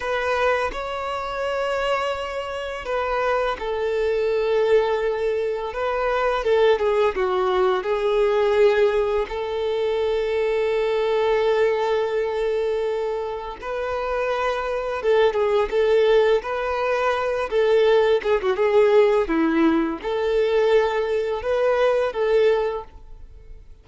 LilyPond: \new Staff \with { instrumentName = "violin" } { \time 4/4 \tempo 4 = 84 b'4 cis''2. | b'4 a'2. | b'4 a'8 gis'8 fis'4 gis'4~ | gis'4 a'2.~ |
a'2. b'4~ | b'4 a'8 gis'8 a'4 b'4~ | b'8 a'4 gis'16 fis'16 gis'4 e'4 | a'2 b'4 a'4 | }